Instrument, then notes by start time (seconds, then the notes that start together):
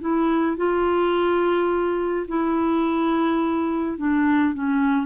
clarinet
0.00 E4
0.56 F4
2.28 E4
3.97 D4
4.54 C#4